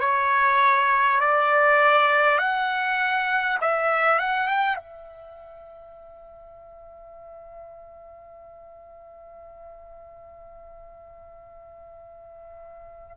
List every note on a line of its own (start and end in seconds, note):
0.00 1.20 C#5
1.21 2.38 D5
2.38 3.58 F#5
3.61 4.18 E5
4.18 4.48 F#5
4.48 4.76 G5
4.76 13.16 E5